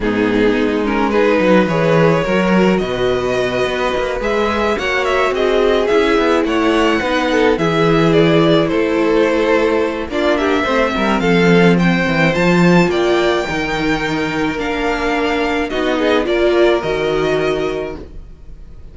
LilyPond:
<<
  \new Staff \with { instrumentName = "violin" } { \time 4/4 \tempo 4 = 107 gis'4. ais'8 b'4 cis''4~ | cis''4 dis''2~ dis''8 e''8~ | e''8 fis''8 e''8 dis''4 e''4 fis''8~ | fis''4. e''4 d''4 c''8~ |
c''2 d''8 e''4. | f''4 g''4 a''4 g''4~ | g''2 f''2 | dis''4 d''4 dis''2 | }
  \new Staff \with { instrumentName = "violin" } { \time 4/4 dis'2 gis'8 b'4. | ais'4 b'2.~ | b'8 cis''4 gis'2 cis''8~ | cis''8 b'8 a'8 gis'2 a'8~ |
a'2 f'8 g'8 c''8 ais'8 | a'4 c''2 d''4 | ais'1 | fis'8 gis'8 ais'2. | }
  \new Staff \with { instrumentName = "viola" } { \time 4/4 b4. cis'8 dis'4 gis'4 | fis'2.~ fis'8 gis'8~ | gis'8 fis'2 e'4.~ | e'8 dis'4 e'2~ e'8~ |
e'2 d'4 c'4~ | c'2 f'2 | dis'2 d'2 | dis'4 f'4 fis'2 | }
  \new Staff \with { instrumentName = "cello" } { \time 4/4 gis,4 gis4. fis8 e4 | fis4 b,4. b8 ais8 gis8~ | gis8 ais4 c'4 cis'8 b8 a8~ | a8 b4 e2 a8~ |
a2 ais4 a8 g8 | f4. e8 f4 ais4 | dis2 ais2 | b4 ais4 dis2 | }
>>